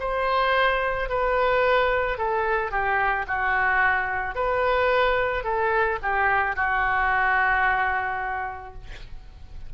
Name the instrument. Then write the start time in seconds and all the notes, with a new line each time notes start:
oboe
0.00 C5
1.09 B4
2.18 A4
2.71 G4
3.28 F#4
4.35 B4
5.44 A4
6.02 G4
6.56 F#4